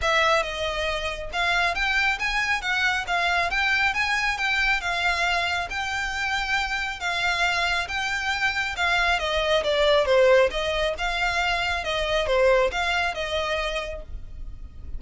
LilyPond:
\new Staff \with { instrumentName = "violin" } { \time 4/4 \tempo 4 = 137 e''4 dis''2 f''4 | g''4 gis''4 fis''4 f''4 | g''4 gis''4 g''4 f''4~ | f''4 g''2. |
f''2 g''2 | f''4 dis''4 d''4 c''4 | dis''4 f''2 dis''4 | c''4 f''4 dis''2 | }